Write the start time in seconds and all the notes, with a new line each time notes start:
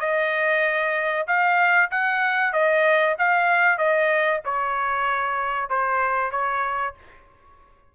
0.00 D#5
1.27 F5
1.91 F#5
2.53 D#5
3.18 F5
3.78 D#5
4.45 C#5
5.70 C5
6.31 C#5